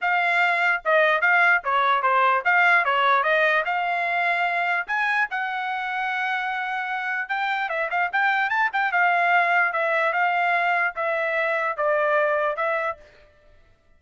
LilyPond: \new Staff \with { instrumentName = "trumpet" } { \time 4/4 \tempo 4 = 148 f''2 dis''4 f''4 | cis''4 c''4 f''4 cis''4 | dis''4 f''2. | gis''4 fis''2.~ |
fis''2 g''4 e''8 f''8 | g''4 a''8 g''8 f''2 | e''4 f''2 e''4~ | e''4 d''2 e''4 | }